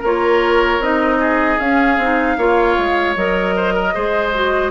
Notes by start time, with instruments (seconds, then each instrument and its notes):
0.00 bassoon A#3, clarinet F4, oboe A#4, flute C#5
0.79 bassoon C4, clarinet D#4, flute D#5
1.20 oboe G#4
1.59 clarinet C#4, bassoon C#4, flute F5
1.97 bassoon C4, clarinet D#4
2.37 bassoon A#3, clarinet F4, oboe C#5
2.78 bassoon G#3
3.16 bassoon F#3, clarinet A#4, flute D#5
3.56 oboe C5
3.73 oboe A#4
3.94 bassoon G#3, clarinet G#4, oboe C5
4.34 clarinet F#4